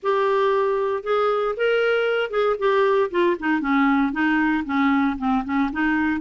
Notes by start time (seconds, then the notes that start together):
0.02 G4
1.03 G#4
1.56 A#4
2.30 G#4
2.58 G4
3.10 F4
3.39 D#4
3.60 C#4
4.12 D#4
4.65 C#4
5.18 C4
5.44 C#4
5.72 D#4